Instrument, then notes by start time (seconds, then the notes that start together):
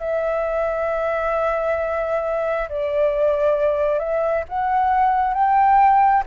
flute
0.00 E5
2.69 D5
3.99 E5
4.49 F#5
5.34 G5